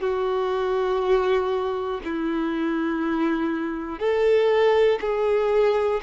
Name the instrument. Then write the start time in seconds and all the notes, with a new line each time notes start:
violin
0.00 F#4
2.05 E4
3.99 A4
5.01 G#4